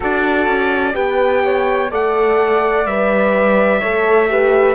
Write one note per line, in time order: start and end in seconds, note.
0.00 0.46 D4
0.00 0.93 F#4
0.00 0.93 A4
0.00 0.95 D5
0.46 0.94 C#4
0.93 1.91 B3
0.93 1.88 G4
0.93 1.41 B4
0.93 1.90 G5
1.44 1.90 C#5
1.90 2.85 A3
1.90 2.86 A4
1.90 3.80 D5
1.90 2.86 F#5
2.85 3.81 G3
2.85 3.82 B4
2.85 4.74 E5
3.80 4.74 A3
3.80 4.29 A4
3.80 4.27 C#5
4.29 4.74 G4
4.29 4.74 B4